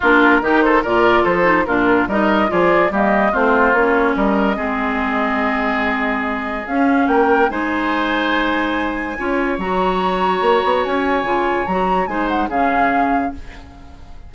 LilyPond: <<
  \new Staff \with { instrumentName = "flute" } { \time 4/4 \tempo 4 = 144 ais'4. c''8 d''4 c''4 | ais'4 dis''4 d''4 dis''4 | c''4 cis''4 dis''2~ | dis''1 |
f''4 g''4 gis''2~ | gis''2. ais''4~ | ais''2 gis''2 | ais''4 gis''8 fis''8 f''2 | }
  \new Staff \with { instrumentName = "oboe" } { \time 4/4 f'4 g'8 a'8 ais'4 a'4 | f'4 ais'4 gis'4 g'4 | f'2 ais'4 gis'4~ | gis'1~ |
gis'4 ais'4 c''2~ | c''2 cis''2~ | cis''1~ | cis''4 c''4 gis'2 | }
  \new Staff \with { instrumentName = "clarinet" } { \time 4/4 d'4 dis'4 f'4. dis'8 | d'4 dis'4 f'4 ais4 | c'4 cis'2 c'4~ | c'1 |
cis'2 dis'2~ | dis'2 f'4 fis'4~ | fis'2. f'4 | fis'4 dis'4 cis'2 | }
  \new Staff \with { instrumentName = "bassoon" } { \time 4/4 ais4 dis4 ais,4 f4 | ais,4 g4 f4 g4 | a4 ais4 g4 gis4~ | gis1 |
cis'4 ais4 gis2~ | gis2 cis'4 fis4~ | fis4 ais8 b8 cis'4 cis4 | fis4 gis4 cis2 | }
>>